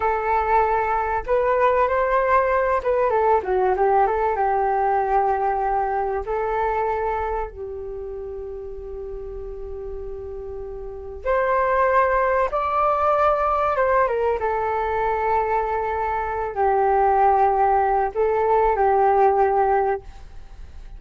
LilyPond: \new Staff \with { instrumentName = "flute" } { \time 4/4 \tempo 4 = 96 a'2 b'4 c''4~ | c''8 b'8 a'8 fis'8 g'8 a'8 g'4~ | g'2 a'2 | g'1~ |
g'2 c''2 | d''2 c''8 ais'8 a'4~ | a'2~ a'8 g'4.~ | g'4 a'4 g'2 | }